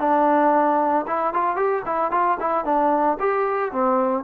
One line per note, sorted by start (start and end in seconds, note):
0.00 1.06 D4
1.08 1.34 E4
1.34 1.57 F4
1.57 1.83 G4
1.86 2.12 E4
2.12 2.38 F4
2.41 2.65 E4
2.65 3.18 D4
3.20 3.72 G4
3.72 4.24 C4